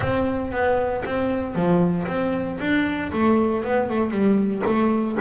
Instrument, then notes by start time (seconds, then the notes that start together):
double bass
0.00 C4
0.51 B3
1.05 C4
1.55 F3
2.07 C4
2.60 D4
3.12 A3
3.63 B3
3.89 A3
4.11 G3
4.66 A3